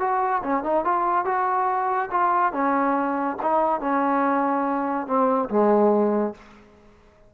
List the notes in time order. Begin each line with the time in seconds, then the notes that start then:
0.00 F#4
0.43 C#4
0.64 D#4
0.85 F4
1.25 F#4
2.11 F4
2.53 C#4
3.42 D#4
3.81 C#4
5.07 C4
5.50 G#3